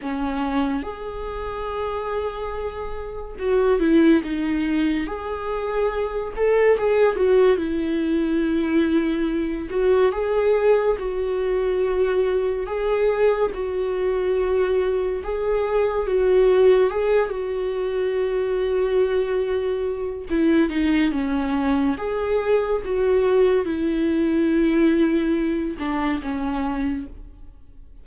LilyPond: \new Staff \with { instrumentName = "viola" } { \time 4/4 \tempo 4 = 71 cis'4 gis'2. | fis'8 e'8 dis'4 gis'4. a'8 | gis'8 fis'8 e'2~ e'8 fis'8 | gis'4 fis'2 gis'4 |
fis'2 gis'4 fis'4 | gis'8 fis'2.~ fis'8 | e'8 dis'8 cis'4 gis'4 fis'4 | e'2~ e'8 d'8 cis'4 | }